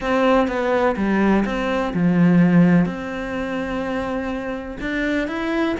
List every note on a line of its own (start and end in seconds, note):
0.00 0.47 C4
0.47 0.95 B3
0.96 1.44 G3
1.45 1.93 C4
1.93 2.85 F3
2.85 4.77 C4
4.80 5.27 D4
5.27 5.75 E4